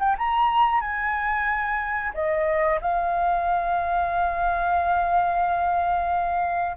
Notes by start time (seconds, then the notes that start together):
0.00 G5
0.18 A#5
0.81 G#5
2.14 D#5
2.81 F5